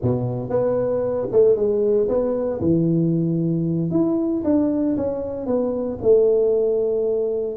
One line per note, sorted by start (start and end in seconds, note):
0.01 0.49 B2
0.49 1.28 B3
1.32 1.56 A3
1.56 2.08 G#3
2.08 2.60 B3
2.61 3.91 E3
3.91 4.43 E4
4.43 4.96 D4
4.97 5.46 C#4
5.46 5.98 B3
6.01 7.57 A3